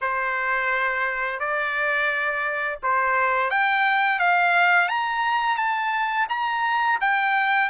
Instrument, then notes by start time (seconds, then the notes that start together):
trumpet
0.01 C5
1.39 D5
2.83 C5
3.50 G5
4.19 F5
4.88 A#5
5.57 A5
6.29 A#5
7.01 G5